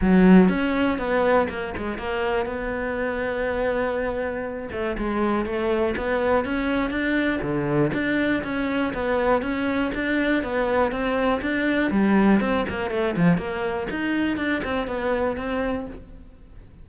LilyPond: \new Staff \with { instrumentName = "cello" } { \time 4/4 \tempo 4 = 121 fis4 cis'4 b4 ais8 gis8 | ais4 b2.~ | b4. a8 gis4 a4 | b4 cis'4 d'4 d4 |
d'4 cis'4 b4 cis'4 | d'4 b4 c'4 d'4 | g4 c'8 ais8 a8 f8 ais4 | dis'4 d'8 c'8 b4 c'4 | }